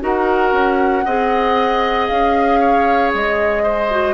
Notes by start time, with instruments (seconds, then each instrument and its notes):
0.00 bassoon D#4, clarinet F#4, oboe A#4, flute F#5
0.52 bassoon C#4
1.05 bassoon C4, clarinet G#4, oboe D#5
2.07 bassoon C#4, flute F5
2.60 oboe C#5
3.14 bassoon G#3, flute D#5
3.62 oboe C5
3.90 clarinet F#4